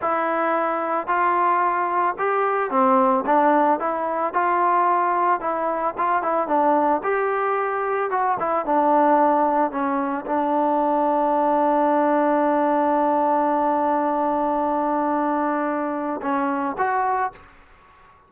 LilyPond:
\new Staff \with { instrumentName = "trombone" } { \time 4/4 \tempo 4 = 111 e'2 f'2 | g'4 c'4 d'4 e'4 | f'2 e'4 f'8 e'8 | d'4 g'2 fis'8 e'8 |
d'2 cis'4 d'4~ | d'1~ | d'1~ | d'2 cis'4 fis'4 | }